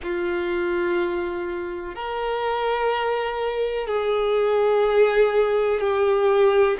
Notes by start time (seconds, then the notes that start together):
0.02 F4
1.95 A#4
3.87 G#4
5.80 G4